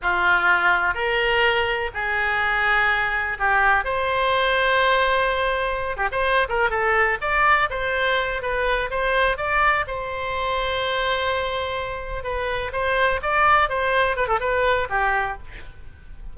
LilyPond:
\new Staff \with { instrumentName = "oboe" } { \time 4/4 \tempo 4 = 125 f'2 ais'2 | gis'2. g'4 | c''1~ | c''8 g'16 c''8. ais'8 a'4 d''4 |
c''4. b'4 c''4 d''8~ | d''8 c''2.~ c''8~ | c''4. b'4 c''4 d''8~ | d''8 c''4 b'16 a'16 b'4 g'4 | }